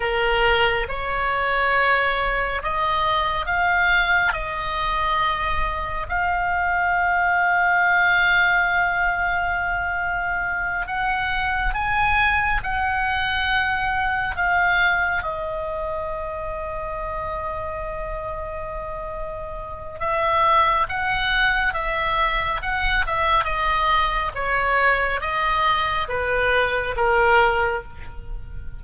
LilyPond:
\new Staff \with { instrumentName = "oboe" } { \time 4/4 \tempo 4 = 69 ais'4 cis''2 dis''4 | f''4 dis''2 f''4~ | f''1~ | f''8 fis''4 gis''4 fis''4.~ |
fis''8 f''4 dis''2~ dis''8~ | dis''2. e''4 | fis''4 e''4 fis''8 e''8 dis''4 | cis''4 dis''4 b'4 ais'4 | }